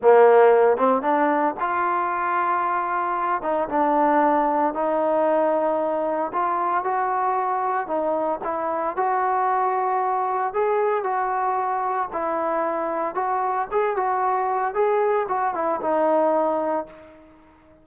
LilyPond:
\new Staff \with { instrumentName = "trombone" } { \time 4/4 \tempo 4 = 114 ais4. c'8 d'4 f'4~ | f'2~ f'8 dis'8 d'4~ | d'4 dis'2. | f'4 fis'2 dis'4 |
e'4 fis'2. | gis'4 fis'2 e'4~ | e'4 fis'4 gis'8 fis'4. | gis'4 fis'8 e'8 dis'2 | }